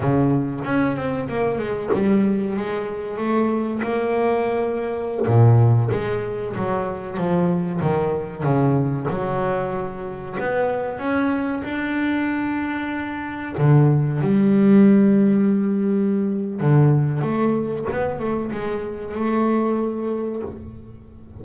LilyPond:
\new Staff \with { instrumentName = "double bass" } { \time 4/4 \tempo 4 = 94 cis4 cis'8 c'8 ais8 gis8 g4 | gis4 a4 ais2~ | ais16 ais,4 gis4 fis4 f8.~ | f16 dis4 cis4 fis4.~ fis16~ |
fis16 b4 cis'4 d'4.~ d'16~ | d'4~ d'16 d4 g4.~ g16~ | g2 d4 a4 | b8 a8 gis4 a2 | }